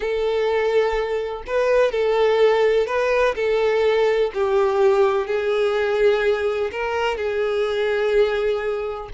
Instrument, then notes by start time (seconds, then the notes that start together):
violin
0.00 A4
1.46 B4
1.91 A4
2.86 B4
3.35 A4
4.34 G4
5.26 G#4
6.71 A#4
7.17 G#4